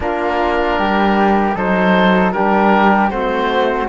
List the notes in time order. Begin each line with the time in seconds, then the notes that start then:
0.00 A#3 D4 F4 A#4
0.78 G3 G4
1.55 F#3 D#4 A4 C5
2.32 G3 D4 G4 A#4
3.09 A3 C4 F#4 C5